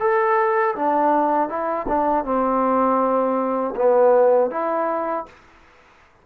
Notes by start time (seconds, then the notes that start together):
0.00 A4
0.75 D4
1.49 E4
1.88 D4
2.25 C4
3.76 B3
4.51 E4